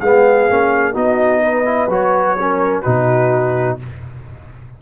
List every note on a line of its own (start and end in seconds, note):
0.00 0.49 G#3
0.00 0.50 B3
0.00 0.93 G#4
0.00 0.95 F5
0.50 0.95 A#3
0.50 0.94 C#4
0.93 1.88 B3
0.93 1.65 D#4
0.93 1.41 F#4
0.93 1.92 D#5
1.43 2.38 B4
1.65 1.89 E4
1.88 2.83 F#3
1.88 2.37 F#4
1.88 2.82 C#5
2.39 2.84 C#4
2.39 2.83 A#4
2.82 3.82 B2
2.82 3.79 D#4
2.82 3.78 F#4
2.82 3.77 B4